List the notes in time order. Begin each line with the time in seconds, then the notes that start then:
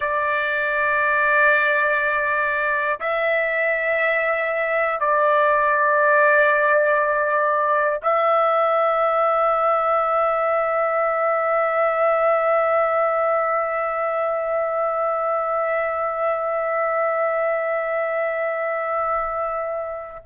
0.00 D5
3.00 E5
5.00 D5
8.02 E5